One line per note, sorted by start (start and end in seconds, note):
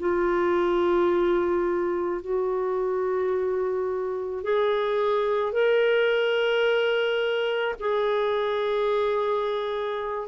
0.00 2.22 F4
2.22 4.44 F#4
4.44 5.53 G#4
5.53 7.75 A#4
7.80 10.28 G#4